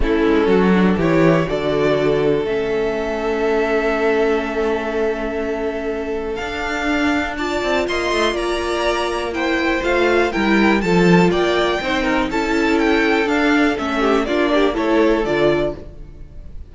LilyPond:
<<
  \new Staff \with { instrumentName = "violin" } { \time 4/4 \tempo 4 = 122 a'2 cis''4 d''4~ | d''4 e''2.~ | e''1~ | e''4 f''2 a''4 |
c'''4 ais''2 g''4 | f''4 g''4 a''4 g''4~ | g''4 a''4 g''4 f''4 | e''4 d''4 cis''4 d''4 | }
  \new Staff \with { instrumentName = "violin" } { \time 4/4 e'4 fis'4 g'4 a'4~ | a'1~ | a'1~ | a'2. d''4 |
dis''4 d''2 c''4~ | c''4 ais'4 a'4 d''4 | c''8 ais'8 a'2.~ | a'8 g'8 f'8 g'8 a'2 | }
  \new Staff \with { instrumentName = "viola" } { \time 4/4 cis'4. d'8 e'4 fis'4~ | fis'4 cis'2.~ | cis'1~ | cis'4 d'2 f'4~ |
f'2. e'4 | f'4 e'4 f'2 | dis'4 e'2 d'4 | cis'4 d'4 e'4 f'4 | }
  \new Staff \with { instrumentName = "cello" } { \time 4/4 a8 gis8 fis4 e4 d4~ | d4 a2.~ | a1~ | a4 d'2~ d'8 c'8 |
ais8 a8 ais2. | a4 g4 f4 ais4 | c'4 cis'2 d'4 | a4 ais4 a4 d4 | }
>>